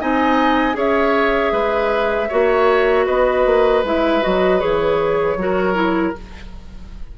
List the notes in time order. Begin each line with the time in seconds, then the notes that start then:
0.00 C4 D#4 D#5 G#5
0.73 C#4 G#4 C#5 E5
1.52 G#3 B4
2.29 A#3 F#4 C#5
3.06 B3 B4 D#5
3.46 A#3
3.83 G#3 E4 E5
4.22 F#3 F#4 D#5
4.59 E3 G#4 C#5
5.36 F#3 F#4 A#4
5.74 E4